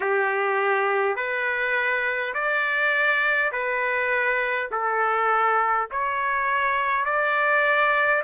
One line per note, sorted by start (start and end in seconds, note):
0.00 1.16 G4
1.16 2.33 B4
2.34 3.51 D5
3.52 4.70 B4
4.71 5.88 A4
5.91 7.05 C#5
7.05 8.22 D5